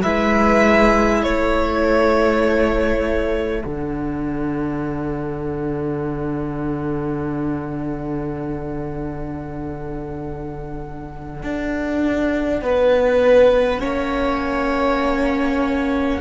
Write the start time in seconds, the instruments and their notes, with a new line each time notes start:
0.00 cello G#3, viola E4, violin B4 E5
1.19 cello A3, violin A4 C#5
3.59 cello D3, viola D4, violin F#5
11.43 cello D4
12.61 cello B3, violin B4
13.79 cello A#3, viola C#4, violin C#5